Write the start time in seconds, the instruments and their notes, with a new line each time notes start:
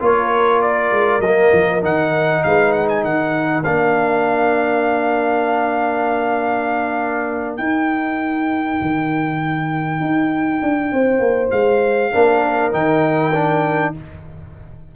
0.00 tuba A#3, trombone F4, horn A#4, trumpet C#5
0.62 trumpet D5
0.92 tuba G#3
1.20 tuba F#3, trombone A#3, trumpet D#5
1.53 tuba F3
1.82 tuba D#3, trombone D#4, trumpet F#5
2.44 tuba G#3, horn B4, trumpet F5
2.73 trumpet F#5
2.89 trumpet G#5
3.03 tuba D#3, horn A#4, trumpet F#5
3.64 tuba A#3, trombone D4, trumpet F5
7.57 tuba D#4, trombone D#4, trumpet G5
8.82 tuba D#3
10.01 tuba D#4
10.63 tuba D4
10.93 tuba C4, horn C5
11.20 tuba A#3
11.51 tuba G#3, trumpet F5
12.13 tuba A#3, trombone D4, horn A#4
12.72 tuba D#3, trombone D#4, trumpet G5
13.34 trombone D4